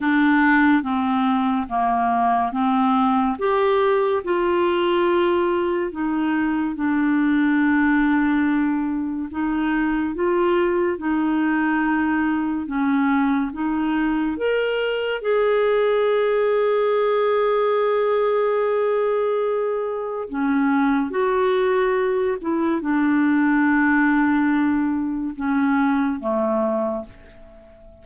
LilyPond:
\new Staff \with { instrumentName = "clarinet" } { \time 4/4 \tempo 4 = 71 d'4 c'4 ais4 c'4 | g'4 f'2 dis'4 | d'2. dis'4 | f'4 dis'2 cis'4 |
dis'4 ais'4 gis'2~ | gis'1 | cis'4 fis'4. e'8 d'4~ | d'2 cis'4 a4 | }